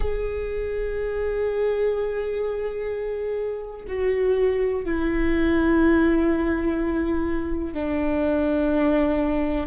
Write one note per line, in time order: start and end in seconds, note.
0.00 3.85 G#4
3.88 4.84 F#4
4.84 7.74 E4
7.74 9.66 D4